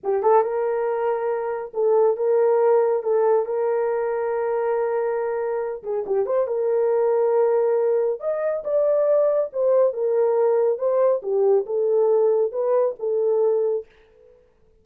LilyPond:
\new Staff \with { instrumentName = "horn" } { \time 4/4 \tempo 4 = 139 g'8 a'8 ais'2. | a'4 ais'2 a'4 | ais'1~ | ais'4. gis'8 g'8 c''8 ais'4~ |
ais'2. dis''4 | d''2 c''4 ais'4~ | ais'4 c''4 g'4 a'4~ | a'4 b'4 a'2 | }